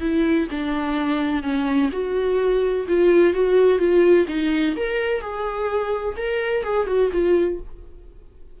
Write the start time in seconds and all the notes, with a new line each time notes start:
0.00 E4
0.50 D4
1.42 C#4
1.92 F#4
2.88 F4
3.33 F#4
3.78 F4
4.27 D#4
4.76 A#4
5.20 G#4
6.16 A#4
6.63 G#4
6.87 F#4
7.12 F4